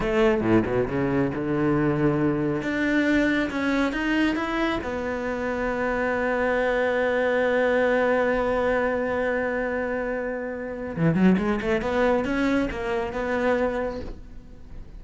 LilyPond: \new Staff \with { instrumentName = "cello" } { \time 4/4 \tempo 4 = 137 a4 a,8 b,8 cis4 d4~ | d2 d'2 | cis'4 dis'4 e'4 b4~ | b1~ |
b1~ | b1~ | b4 e8 fis8 gis8 a8 b4 | cis'4 ais4 b2 | }